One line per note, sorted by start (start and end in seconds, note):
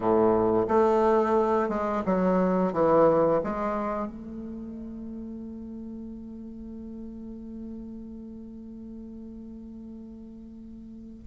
0.00 0.66 A2
0.68 1.69 A3
1.69 2.03 G#3
2.05 2.72 F#3
2.72 3.41 E3
3.43 4.07 G#3
4.07 11.23 A3